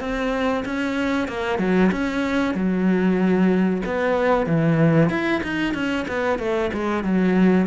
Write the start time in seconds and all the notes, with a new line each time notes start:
0.00 C4
0.65 C#4
1.28 A#3
1.59 F#3
1.91 C#4
2.54 F#3
3.86 B3
4.47 E3
5.10 E4
5.43 D#4
5.74 C#4
6.08 B3
6.39 A3
6.73 G#3
7.04 F#3